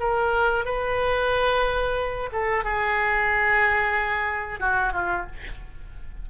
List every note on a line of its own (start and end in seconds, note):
0.00 0.65 A#4
0.65 2.30 B4
2.32 2.64 A4
2.64 4.60 G#4
4.60 4.93 F#4
4.93 5.26 F4